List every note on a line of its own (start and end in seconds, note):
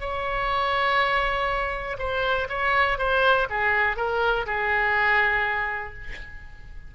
0.00 1.97 C#5
1.98 2.47 C5
2.49 2.98 C#5
2.98 3.47 C5
3.49 3.96 G#4
3.96 4.46 A#4
4.46 5.94 G#4